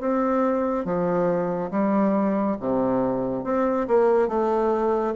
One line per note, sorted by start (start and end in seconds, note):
0.00 0.85 C4
0.85 1.70 F3
1.70 2.56 G3
2.60 3.44 C3
3.44 3.86 C4
3.87 4.28 A#3
4.28 5.14 A3